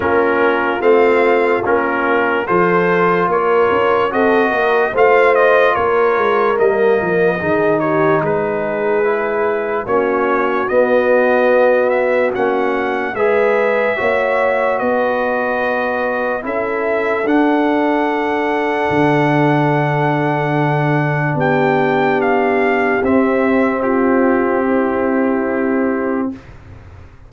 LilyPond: <<
  \new Staff \with { instrumentName = "trumpet" } { \time 4/4 \tempo 4 = 73 ais'4 f''4 ais'4 c''4 | cis''4 dis''4 f''8 dis''8 cis''4 | dis''4. cis''8 b'2 | cis''4 dis''4. e''8 fis''4 |
e''2 dis''2 | e''4 fis''2.~ | fis''2 g''4 f''4 | e''4 g'2. | }
  \new Staff \with { instrumentName = "horn" } { \time 4/4 f'2. a'4 | ais'4 a'8 ais'8 c''4 ais'4~ | ais'4 gis'8 g'8 gis'2 | fis'1 |
b'4 cis''4 b'2 | a'1~ | a'2 g'2~ | g'4 f'4 e'2 | }
  \new Staff \with { instrumentName = "trombone" } { \time 4/4 cis'4 c'4 cis'4 f'4~ | f'4 fis'4 f'2 | ais4 dis'2 e'4 | cis'4 b2 cis'4 |
gis'4 fis'2. | e'4 d'2.~ | d'1 | c'1 | }
  \new Staff \with { instrumentName = "tuba" } { \time 4/4 ais4 a4 ais4 f4 | ais8 cis'8 c'8 ais8 a4 ais8 gis8 | g8 f8 dis4 gis2 | ais4 b2 ais4 |
gis4 ais4 b2 | cis'4 d'2 d4~ | d2 b2 | c'1 | }
>>